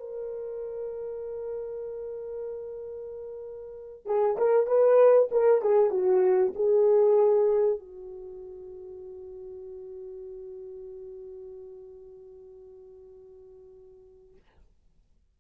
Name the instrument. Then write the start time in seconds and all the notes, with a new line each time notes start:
horn
0.00 A#4
4.06 G#4
4.38 A#4
4.67 B4
5.32 A#4
5.62 G#4
5.91 F#4
6.56 G#4
7.80 F#4